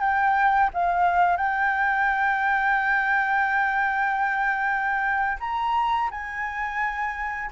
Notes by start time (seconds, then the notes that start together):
0.00 G5
0.74 F5
1.37 G5
5.40 A#5
6.11 G#5